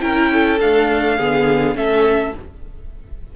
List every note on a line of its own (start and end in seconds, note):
0.00 0.60 C#4
0.00 0.58 E4
0.00 0.32 A#4
0.00 0.59 G5
0.33 1.17 A4
0.60 1.19 A3
0.60 1.18 D4
0.60 1.76 F5
1.17 1.75 D3
1.17 1.75 B3
1.17 1.75 G#4
1.75 2.33 A3
1.75 2.34 C#4
1.75 2.36 A4
1.75 2.34 E5